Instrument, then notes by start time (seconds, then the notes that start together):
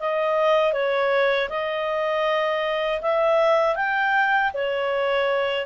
clarinet
0.00 D#5
0.73 C#5
1.49 D#5
3.02 E5
3.76 G5
4.54 C#5